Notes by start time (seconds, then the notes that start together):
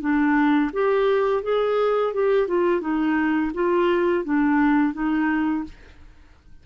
0.00 D4
0.73 G4
1.43 G#4
2.14 G4
2.47 F4
2.81 D#4
3.54 F4
4.24 D4
4.93 D#4